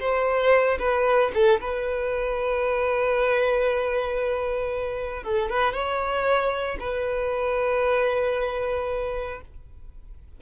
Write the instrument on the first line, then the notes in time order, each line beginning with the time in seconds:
violin
0.00 C5
0.79 B4
1.34 A4
1.61 B4
5.24 A4
5.50 B4
5.73 C#5
6.80 B4